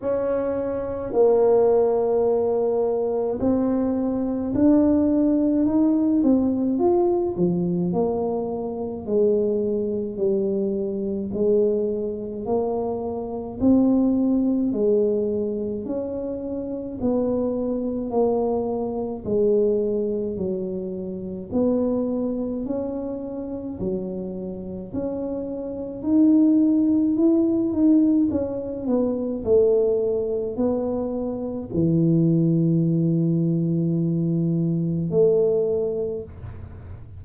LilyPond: \new Staff \with { instrumentName = "tuba" } { \time 4/4 \tempo 4 = 53 cis'4 ais2 c'4 | d'4 dis'8 c'8 f'8 f8 ais4 | gis4 g4 gis4 ais4 | c'4 gis4 cis'4 b4 |
ais4 gis4 fis4 b4 | cis'4 fis4 cis'4 dis'4 | e'8 dis'8 cis'8 b8 a4 b4 | e2. a4 | }